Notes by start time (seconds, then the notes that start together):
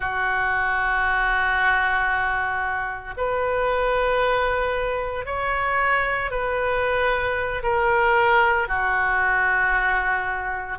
0.00 F#4
3.17 B4
5.25 C#5
6.31 B4
7.63 A#4
8.67 F#4